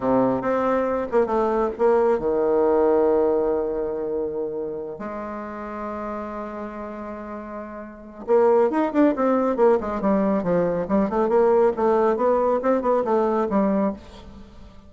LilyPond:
\new Staff \with { instrumentName = "bassoon" } { \time 4/4 \tempo 4 = 138 c4 c'4. ais8 a4 | ais4 dis2.~ | dis2.~ dis8 gis8~ | gis1~ |
gis2. ais4 | dis'8 d'8 c'4 ais8 gis8 g4 | f4 g8 a8 ais4 a4 | b4 c'8 b8 a4 g4 | }